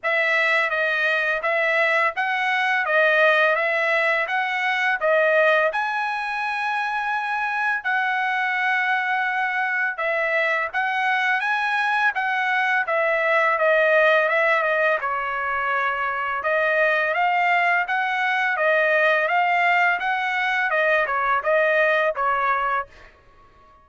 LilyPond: \new Staff \with { instrumentName = "trumpet" } { \time 4/4 \tempo 4 = 84 e''4 dis''4 e''4 fis''4 | dis''4 e''4 fis''4 dis''4 | gis''2. fis''4~ | fis''2 e''4 fis''4 |
gis''4 fis''4 e''4 dis''4 | e''8 dis''8 cis''2 dis''4 | f''4 fis''4 dis''4 f''4 | fis''4 dis''8 cis''8 dis''4 cis''4 | }